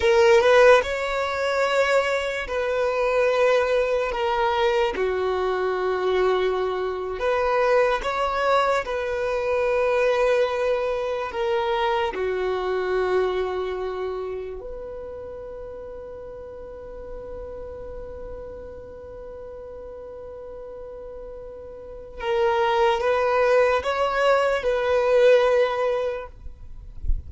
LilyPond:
\new Staff \with { instrumentName = "violin" } { \time 4/4 \tempo 4 = 73 ais'8 b'8 cis''2 b'4~ | b'4 ais'4 fis'2~ | fis'8. b'4 cis''4 b'4~ b'16~ | b'4.~ b'16 ais'4 fis'4~ fis'16~ |
fis'4.~ fis'16 b'2~ b'16~ | b'1~ | b'2. ais'4 | b'4 cis''4 b'2 | }